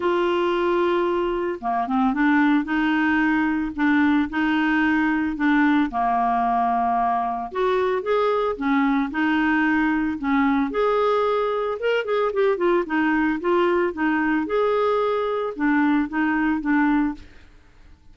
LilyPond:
\new Staff \with { instrumentName = "clarinet" } { \time 4/4 \tempo 4 = 112 f'2. ais8 c'8 | d'4 dis'2 d'4 | dis'2 d'4 ais4~ | ais2 fis'4 gis'4 |
cis'4 dis'2 cis'4 | gis'2 ais'8 gis'8 g'8 f'8 | dis'4 f'4 dis'4 gis'4~ | gis'4 d'4 dis'4 d'4 | }